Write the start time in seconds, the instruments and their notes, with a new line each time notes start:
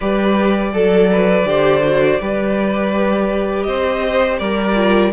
0.00 cello G3, viola G4, violin B4 D5
0.73 cello F#3, violin A4, viola A4
1.12 violin B4
1.44 cello D3, viola G4, violin C5
1.84 viola F#4
2.20 cello G3, viola G4, violin B4
3.63 cello C4, violin C5 D#5
4.38 cello G3, violin A#4 D5
4.75 viola F4